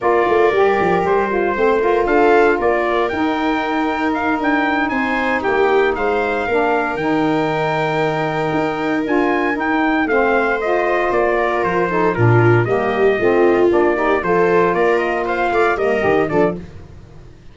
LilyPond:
<<
  \new Staff \with { instrumentName = "trumpet" } { \time 4/4 \tempo 4 = 116 d''2 c''2 | f''4 d''4 g''2 | f''8 g''4 gis''4 g''4 f''8~ | f''4. g''2~ g''8~ |
g''4. gis''4 g''4 f''8~ | f''8 dis''4 d''4 c''4 ais'8~ | ais'8 dis''2 d''4 c''8~ | c''8 d''8 dis''8 f''4 dis''4 d''8 | }
  \new Staff \with { instrumentName = "viola" } { \time 4/4 ais'2. c''8 ais'8 | a'4 ais'2.~ | ais'4. c''4 g'4 c''8~ | c''8 ais'2.~ ais'8~ |
ais'2.~ ais'8 c''8~ | c''2 ais'4 a'8 f'8~ | f'8 g'4 f'4. g'8 a'8~ | a'8 ais'4 c''8 d''8 ais'4 a'8 | }
  \new Staff \with { instrumentName = "saxophone" } { \time 4/4 f'4 g'4. f'8 c'8 f'8~ | f'2 dis'2~ | dis'1~ | dis'8 d'4 dis'2~ dis'8~ |
dis'4. f'4 dis'4 c'8~ | c'8 f'2~ f'8 dis'8 d'8~ | d'8 ais4 c'4 d'8 dis'8 f'8~ | f'2~ f'8 ais8 g'8 d'8 | }
  \new Staff \with { instrumentName = "tuba" } { \time 4/4 ais8 a8 g8 f8 g4 a4 | d'4 ais4 dis'2~ | dis'8 d'4 c'4 ais4 gis8~ | gis8 ais4 dis2~ dis8~ |
dis8 dis'4 d'4 dis'4 a8~ | a4. ais4 f4 ais,8~ | ais,8 g4 a4 ais4 f8~ | f8 ais4. a8 g8 dis8 f8 | }
>>